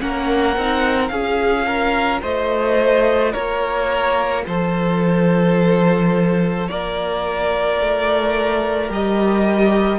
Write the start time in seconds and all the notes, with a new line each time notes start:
0.00 A#3 C#4 A#4 F#5
0.56 C4 D#4
1.08 C#4 F4 G#4 F5
1.67 A#4
2.22 A3 C5 D#5
3.32 A#3 A#4 C#5
4.47 F3 A4 C5
6.68 A#3 A#4 D5
7.81 A3
8.89 G3 G4 D#5